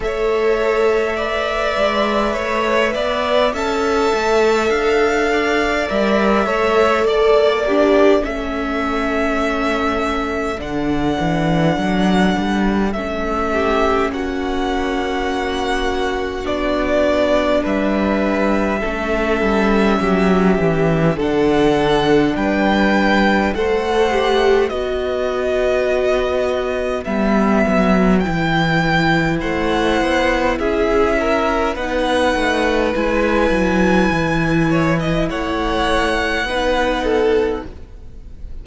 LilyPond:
<<
  \new Staff \with { instrumentName = "violin" } { \time 4/4 \tempo 4 = 51 e''2. a''4 | f''4 e''4 d''4 e''4~ | e''4 fis''2 e''4 | fis''2 d''4 e''4~ |
e''2 fis''4 g''4 | fis''4 dis''2 e''4 | g''4 fis''4 e''4 fis''4 | gis''2 fis''2 | }
  \new Staff \with { instrumentName = "violin" } { \time 4/4 cis''4 d''4 cis''8 d''8 e''4~ | e''8 d''4 cis''8 d''8 d'8 a'4~ | a'2.~ a'8 g'8 | fis'2. b'4 |
a'4 g'4 a'4 b'4 | c''4 b'2.~ | b'4 c''4 gis'8 ais'8 b'4~ | b'4. cis''16 dis''16 cis''4 b'8 a'8 | }
  \new Staff \with { instrumentName = "viola" } { \time 4/4 a'4 b'2 a'4~ | a'4 ais'8 a'4 g'8 cis'4~ | cis'4 d'2 cis'4~ | cis'2 d'2 |
cis'2 d'2 | a'8 g'8 fis'2 b4 | e'2. dis'4 | e'2. dis'4 | }
  \new Staff \with { instrumentName = "cello" } { \time 4/4 a4. gis8 a8 b8 cis'8 a8 | d'4 g8 a8 ais4 a4~ | a4 d8 e8 fis8 g8 a4 | ais2 b4 g4 |
a8 g8 fis8 e8 d4 g4 | a4 b2 g8 fis8 | e4 a8 b8 cis'4 b8 a8 | gis8 fis8 e4 a4 b4 | }
>>